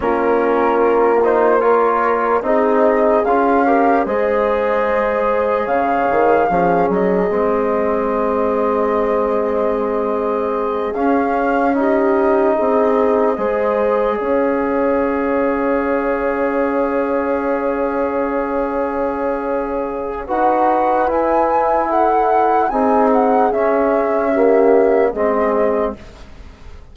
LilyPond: <<
  \new Staff \with { instrumentName = "flute" } { \time 4/4 \tempo 4 = 74 ais'4. c''8 cis''4 dis''4 | f''4 dis''2 f''4~ | f''8 dis''2.~ dis''8~ | dis''4. f''4 dis''4.~ |
dis''4. f''2~ f''8~ | f''1~ | f''4 fis''4 gis''4 fis''4 | gis''8 fis''8 e''2 dis''4 | }
  \new Staff \with { instrumentName = "horn" } { \time 4/4 f'2 ais'4 gis'4~ | gis'8 ais'8 c''2 cis''4 | gis'1~ | gis'2~ gis'8 g'4 gis'8~ |
gis'8 c''4 cis''2~ cis''8~ | cis''1~ | cis''4 b'2 a'4 | gis'2 g'4 gis'4 | }
  \new Staff \with { instrumentName = "trombone" } { \time 4/4 cis'4. dis'8 f'4 dis'4 | f'8 g'8 gis'2. | cis'4 c'2.~ | c'4. cis'4 dis'4.~ |
dis'8 gis'2.~ gis'8~ | gis'1~ | gis'4 fis'4 e'2 | dis'4 cis'4 ais4 c'4 | }
  \new Staff \with { instrumentName = "bassoon" } { \time 4/4 ais2. c'4 | cis'4 gis2 cis8 dis8 | f8 fis8 gis2.~ | gis4. cis'2 c'8~ |
c'8 gis4 cis'2~ cis'8~ | cis'1~ | cis'4 dis'4 e'2 | c'4 cis'2 gis4 | }
>>